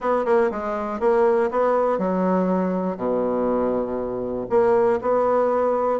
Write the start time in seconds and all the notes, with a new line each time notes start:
0.00 B3
0.25 A#3
0.51 G#3
1.00 A#3
1.50 B3
1.98 F#3
2.96 B2
4.49 A#3
5.01 B3